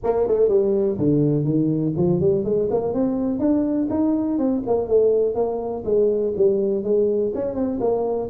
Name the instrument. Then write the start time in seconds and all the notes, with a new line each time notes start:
tuba
0.03 A#3
0.27 A3
0.48 G3
0.98 D3
1.44 D#3
1.96 F3
2.20 G3
2.44 G#3
2.70 A#3
2.93 C4
3.39 D4
3.90 D#4
4.38 C4
4.66 A#3
4.87 A3
5.34 A#3
5.84 G#3
6.36 G3
6.83 G#3
7.34 C#4
7.54 C4
7.80 A#3